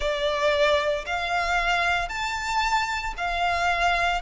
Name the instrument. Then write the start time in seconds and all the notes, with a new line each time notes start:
violin
0.00 D5
1.06 F5
2.08 A5
3.17 F5